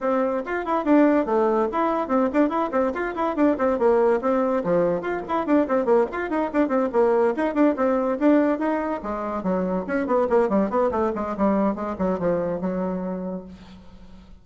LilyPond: \new Staff \with { instrumentName = "bassoon" } { \time 4/4 \tempo 4 = 143 c'4 f'8 e'8 d'4 a4 | e'4 c'8 d'8 e'8 c'8 f'8 e'8 | d'8 c'8 ais4 c'4 f4 | f'8 e'8 d'8 c'8 ais8 f'8 dis'8 d'8 |
c'8 ais4 dis'8 d'8 c'4 d'8~ | d'8 dis'4 gis4 fis4 cis'8 | b8 ais8 g8 b8 a8 gis8 g4 | gis8 fis8 f4 fis2 | }